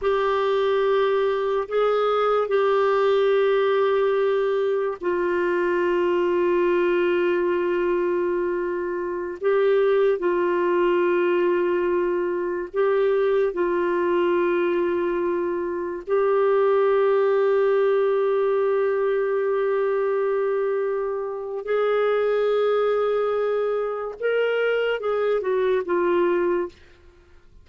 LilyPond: \new Staff \with { instrumentName = "clarinet" } { \time 4/4 \tempo 4 = 72 g'2 gis'4 g'4~ | g'2 f'2~ | f'2.~ f'16 g'8.~ | g'16 f'2. g'8.~ |
g'16 f'2. g'8.~ | g'1~ | g'2 gis'2~ | gis'4 ais'4 gis'8 fis'8 f'4 | }